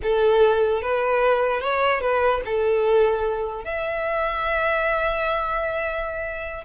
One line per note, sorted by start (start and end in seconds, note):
0.02 0.82 A4
0.82 1.60 B4
1.60 2.00 C#5
2.00 2.41 B4
2.45 3.64 A4
3.64 6.64 E5